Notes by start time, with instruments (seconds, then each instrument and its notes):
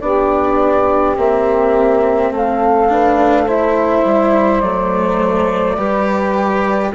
0.00 bassoon B3, cello D4, saxophone G4, flute D5
1.16 bassoon A#3, cello C4, flute E5
2.30 bassoon A3, saxophone A4, flute F5
2.88 cello D4, saxophone B4
3.45 cello E4, saxophone C5, flute E5
4.04 bassoon G3
4.60 bassoon F#3, cello A3, flute D5
5.75 bassoon G3, cello G4, saxophone B4